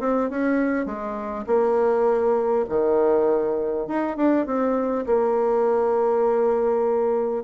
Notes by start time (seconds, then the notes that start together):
0.00 C4
0.30 C#4
0.86 G#3
1.47 A#3
2.69 D#3
3.87 D#4
4.17 D4
4.46 C4
5.06 A#3